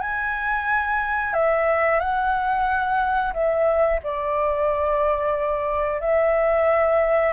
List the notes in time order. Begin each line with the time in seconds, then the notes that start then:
0.00 G#5
1.33 E5
1.99 F#5
3.33 E5
4.03 D5
6.01 E5